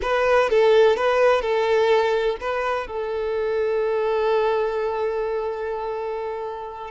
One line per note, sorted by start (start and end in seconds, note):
0.02 0.49 B4
0.49 0.96 A4
0.96 1.41 B4
1.41 2.36 A4
2.40 2.87 B4
2.87 6.90 A4